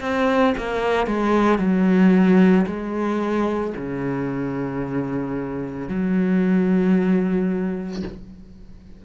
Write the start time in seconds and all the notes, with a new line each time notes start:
0.00 C4
0.57 A#3
1.06 G#3
1.58 F#3
2.66 G#3
3.76 C#3
5.88 F#3